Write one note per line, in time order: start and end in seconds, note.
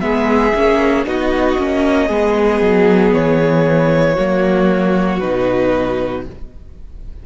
0.00 0.53 G#3
0.00 0.52 B3
0.00 1.06 G#4
0.00 1.03 E5
0.54 1.05 A#3
0.54 1.06 C#4
1.05 1.57 B3
1.05 1.58 D#4
1.05 2.07 F#4
1.05 3.13 D#5
1.58 2.09 A#3
1.58 2.10 C#4
2.07 2.61 G#3
2.07 4.17 B3
2.07 4.14 G#4
2.61 3.12 F#3
3.13 4.16 E3
3.13 5.19 C#5
4.14 5.22 F#3
4.14 5.21 A#3
4.14 6.21 F#4
5.19 6.26 B2
5.19 6.25 D#4
5.19 6.23 B4